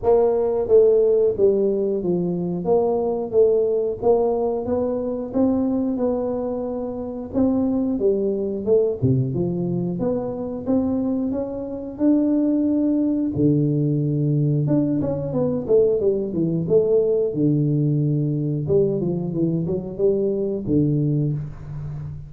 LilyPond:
\new Staff \with { instrumentName = "tuba" } { \time 4/4 \tempo 4 = 90 ais4 a4 g4 f4 | ais4 a4 ais4 b4 | c'4 b2 c'4 | g4 a8 c8 f4 b4 |
c'4 cis'4 d'2 | d2 d'8 cis'8 b8 a8 | g8 e8 a4 d2 | g8 f8 e8 fis8 g4 d4 | }